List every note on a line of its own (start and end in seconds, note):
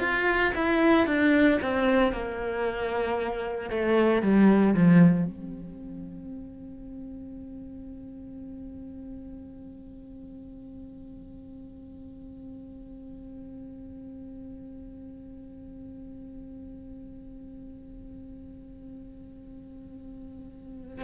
0.00 0.53 F4
0.55 1.06 E4
1.06 1.59 D4
1.62 2.12 C4
2.12 3.69 A#3
3.69 4.22 A3
4.22 4.74 G3
4.74 5.25 F3
5.25 21.04 C4